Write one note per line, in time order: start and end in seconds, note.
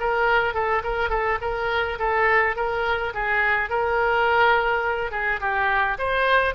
0.00 0.54 A#4
0.54 0.82 A4
0.83 1.10 A#4
1.10 1.38 A4
1.41 1.98 A#4
1.99 2.56 A4
2.56 3.13 A#4
3.14 3.69 G#4
3.69 5.11 A#4
5.11 5.40 G#4
5.41 5.98 G4
5.98 6.54 C5